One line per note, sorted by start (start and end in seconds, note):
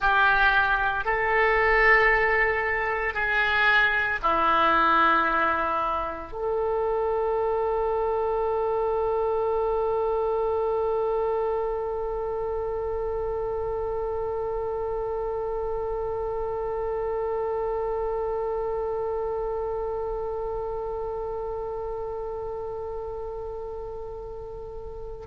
0.00 1.04 G4
1.04 3.13 A4
3.13 4.19 G#4
4.22 6.32 E4
6.32 25.26 A4